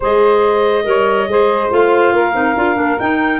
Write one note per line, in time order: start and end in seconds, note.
0.00 0.85 G#3
0.00 0.84 G#4
0.00 0.84 C5
0.00 1.72 D#5
0.84 1.27 G3
0.84 1.26 A#4
0.84 1.30 C#5
1.27 1.70 G#3
1.27 1.70 G#4
1.27 2.14 C5
1.70 2.12 A3
1.70 2.33 F4
1.70 2.99 F5
2.12 2.34 A#3
2.12 3.39 A#4
2.33 2.55 C4
2.33 2.54 D#4
2.56 2.76 D4
2.56 2.75 F4
2.75 2.98 A#3
2.75 2.96 D4
2.99 3.39 D#4
2.99 3.39 G5